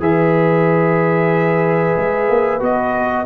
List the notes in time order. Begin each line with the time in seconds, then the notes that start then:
0.00 E3 G#4 B4 E5
1.97 G#3
2.29 A#3
2.60 B3 F#4 D#5